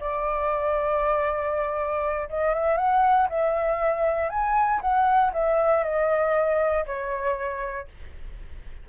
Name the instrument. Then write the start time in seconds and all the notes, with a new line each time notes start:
flute
0.00 D5
2.29 D#5
2.54 E5
2.77 F#5
3.29 E5
4.30 G#5
4.81 F#5
5.33 E5
5.84 D#5
6.86 C#5